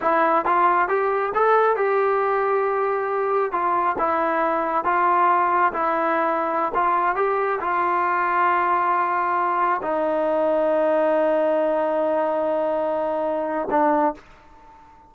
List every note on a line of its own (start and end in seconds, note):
0.01 0.45 E4
0.45 0.88 F4
0.88 1.32 G4
1.34 1.76 A4
1.76 3.52 G4
3.52 3.96 F4
3.98 4.84 E4
4.84 5.72 F4
5.73 6.72 E4
6.74 7.15 F4
7.15 7.59 G4
7.60 9.81 F4
9.82 13.68 D#4
13.70 14.14 D4